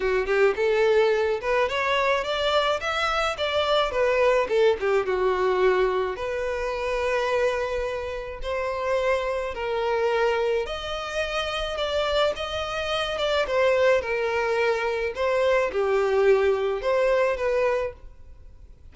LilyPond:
\new Staff \with { instrumentName = "violin" } { \time 4/4 \tempo 4 = 107 fis'8 g'8 a'4. b'8 cis''4 | d''4 e''4 d''4 b'4 | a'8 g'8 fis'2 b'4~ | b'2. c''4~ |
c''4 ais'2 dis''4~ | dis''4 d''4 dis''4. d''8 | c''4 ais'2 c''4 | g'2 c''4 b'4 | }